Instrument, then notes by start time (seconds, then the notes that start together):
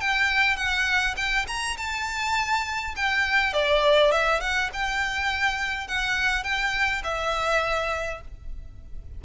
violin
0.00 G5
0.56 F#5
1.17 G5
1.47 A#5
1.77 A5
2.96 G5
3.53 D5
4.11 E5
4.40 F#5
4.73 G5
5.87 F#5
6.43 G5
7.03 E5